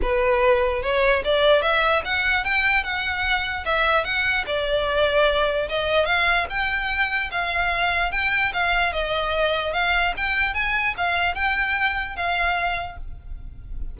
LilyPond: \new Staff \with { instrumentName = "violin" } { \time 4/4 \tempo 4 = 148 b'2 cis''4 d''4 | e''4 fis''4 g''4 fis''4~ | fis''4 e''4 fis''4 d''4~ | d''2 dis''4 f''4 |
g''2 f''2 | g''4 f''4 dis''2 | f''4 g''4 gis''4 f''4 | g''2 f''2 | }